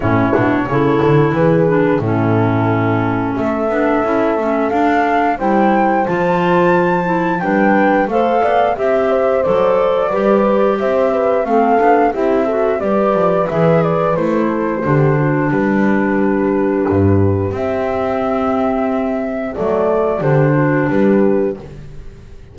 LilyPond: <<
  \new Staff \with { instrumentName = "flute" } { \time 4/4 \tempo 4 = 89 cis''2 b'4 a'4~ | a'4 e''2 f''4 | g''4 a''2 g''4 | f''4 e''4 d''2 |
e''4 f''4 e''4 d''4 | e''8 d''8 c''2 b'4~ | b'2 e''2~ | e''4 d''4 c''4 b'4 | }
  \new Staff \with { instrumentName = "horn" } { \time 4/4 e'4 a'4 gis'4 e'4~ | e'4 a'2. | c''2. b'4 | c''8 d''8 e''8 c''4. b'4 |
c''8 b'8 a'4 g'8 a'8 b'4~ | b'4. a'8 g'8 fis'8 g'4~ | g'1~ | g'4 a'4 g'8 fis'8 g'4 | }
  \new Staff \with { instrumentName = "clarinet" } { \time 4/4 cis'8 d'8 e'4. d'8 cis'4~ | cis'4. d'8 e'8 cis'8 d'4 | e'4 f'4. e'8 d'4 | a'4 g'4 a'4 g'4~ |
g'4 c'8 d'8 e'8 fis'8 g'4 | gis'4 e'4 d'2~ | d'2 c'2~ | c'4 a4 d'2 | }
  \new Staff \with { instrumentName = "double bass" } { \time 4/4 a,8 b,8 cis8 d8 e4 a,4~ | a,4 a8 b8 cis'8 a8 d'4 | g4 f2 g4 | a8 b8 c'4 fis4 g4 |
c'4 a8 b8 c'4 g8 f8 | e4 a4 d4 g4~ | g4 g,4 c'2~ | c'4 fis4 d4 g4 | }
>>